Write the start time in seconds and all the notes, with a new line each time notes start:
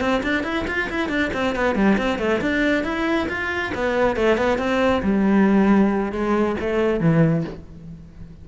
0.00 C4
0.23 D4
0.43 E4
0.67 F4
0.90 E4
1.09 D4
1.33 C4
1.55 B3
1.75 G3
1.98 C4
2.19 A3
2.41 D4
2.84 E4
3.28 F4
3.75 B3
4.16 A3
4.37 B3
4.58 C4
5.03 G3
6.12 G#3
6.60 A3
7.00 E3